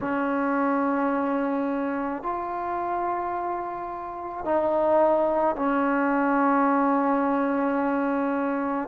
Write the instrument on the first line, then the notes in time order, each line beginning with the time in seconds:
trombone
0.01 C#4
2.22 F4
4.44 D#4
5.55 C#4